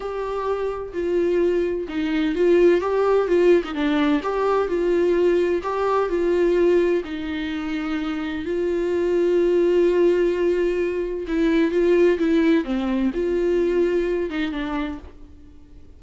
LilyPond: \new Staff \with { instrumentName = "viola" } { \time 4/4 \tempo 4 = 128 g'2 f'2 | dis'4 f'4 g'4 f'8. dis'16 | d'4 g'4 f'2 | g'4 f'2 dis'4~ |
dis'2 f'2~ | f'1 | e'4 f'4 e'4 c'4 | f'2~ f'8 dis'8 d'4 | }